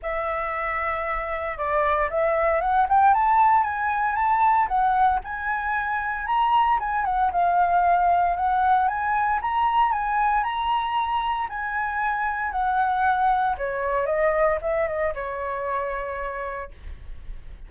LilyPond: \new Staff \with { instrumentName = "flute" } { \time 4/4 \tempo 4 = 115 e''2. d''4 | e''4 fis''8 g''8 a''4 gis''4 | a''4 fis''4 gis''2 | ais''4 gis''8 fis''8 f''2 |
fis''4 gis''4 ais''4 gis''4 | ais''2 gis''2 | fis''2 cis''4 dis''4 | e''8 dis''8 cis''2. | }